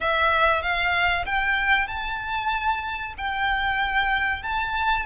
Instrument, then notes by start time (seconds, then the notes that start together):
violin
0.01 E5
0.62 F5
1.25 G5
1.87 A5
3.18 G5
4.42 A5